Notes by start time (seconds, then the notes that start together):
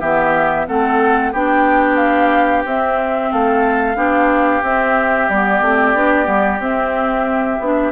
0.00 E3 B3 G4 E5
0.67 A3 C4 A4 F#5
1.32 B3 D4 G4 G5
1.97 F5
2.65 C4 E5
3.32 A3 A4 F5
3.95 B3 D4 G4
4.62 C4 E5
5.29 G3 B3 D5
5.61 A3 C4
5.94 B3 D4
6.25 G3 B3
6.59 C4 E5
7.60 B3 D4